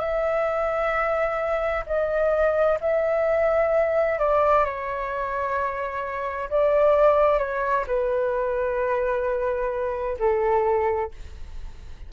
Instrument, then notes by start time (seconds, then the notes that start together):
flute
0.00 E5
1.86 D#5
2.81 E5
4.19 D5
4.65 C#5
6.50 D5
7.39 C#5
7.87 B4
10.19 A4